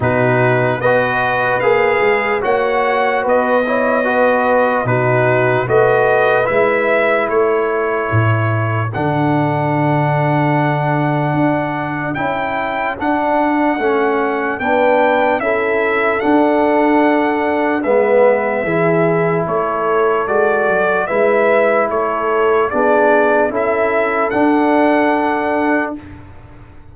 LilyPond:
<<
  \new Staff \with { instrumentName = "trumpet" } { \time 4/4 \tempo 4 = 74 b'4 dis''4 f''4 fis''4 | dis''2 b'4 dis''4 | e''4 cis''2 fis''4~ | fis''2. g''4 |
fis''2 g''4 e''4 | fis''2 e''2 | cis''4 d''4 e''4 cis''4 | d''4 e''4 fis''2 | }
  \new Staff \with { instrumentName = "horn" } { \time 4/4 fis'4 b'2 cis''4 | b'8 cis''8 b'4 fis'4 b'4~ | b'4 a'2.~ | a'1~ |
a'2 b'4 a'4~ | a'2 b'4 gis'4 | a'2 b'4 a'4 | gis'4 a'2. | }
  \new Staff \with { instrumentName = "trombone" } { \time 4/4 dis'4 fis'4 gis'4 fis'4~ | fis'8 e'8 fis'4 dis'4 fis'4 | e'2. d'4~ | d'2. e'4 |
d'4 cis'4 d'4 e'4 | d'2 b4 e'4~ | e'4 fis'4 e'2 | d'4 e'4 d'2 | }
  \new Staff \with { instrumentName = "tuba" } { \time 4/4 b,4 b4 ais8 gis8 ais4 | b2 b,4 a4 | gis4 a4 a,4 d4~ | d2 d'4 cis'4 |
d'4 a4 b4 cis'4 | d'2 gis4 e4 | a4 gis8 fis8 gis4 a4 | b4 cis'4 d'2 | }
>>